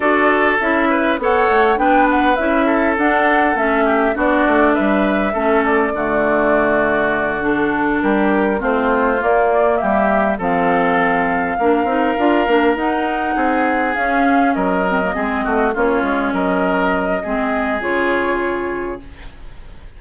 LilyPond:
<<
  \new Staff \with { instrumentName = "flute" } { \time 4/4 \tempo 4 = 101 d''4 e''4 fis''4 g''8 fis''8 | e''4 fis''4 e''4 d''4 | e''4. d''2~ d''8~ | d''8 a'4 ais'4 c''4 d''8~ |
d''8 e''4 f''2~ f''8~ | f''4. fis''2 f''8~ | f''8 dis''2 cis''4 dis''8~ | dis''2 cis''2 | }
  \new Staff \with { instrumentName = "oboe" } { \time 4/4 a'4. b'8 cis''4 b'4~ | b'8 a'2 g'8 fis'4 | b'4 a'4 fis'2~ | fis'4. g'4 f'4.~ |
f'8 g'4 a'2 ais'8~ | ais'2~ ais'8 gis'4.~ | gis'8 ais'4 gis'8 fis'8 f'4 ais'8~ | ais'4 gis'2. | }
  \new Staff \with { instrumentName = "clarinet" } { \time 4/4 fis'4 e'4 a'4 d'4 | e'4 d'4 cis'4 d'4~ | d'4 cis'4 a2~ | a8 d'2 c'4 ais8~ |
ais4. c'2 d'8 | dis'8 f'8 d'8 dis'2 cis'8~ | cis'4 c'16 ais16 c'4 cis'4.~ | cis'4 c'4 f'2 | }
  \new Staff \with { instrumentName = "bassoon" } { \time 4/4 d'4 cis'4 b8 a8 b4 | cis'4 d'4 a4 b8 a8 | g4 a4 d2~ | d4. g4 a4 ais8~ |
ais8 g4 f2 ais8 | c'8 d'8 ais8 dis'4 c'4 cis'8~ | cis'8 fis4 gis8 a8 ais8 gis8 fis8~ | fis4 gis4 cis2 | }
>>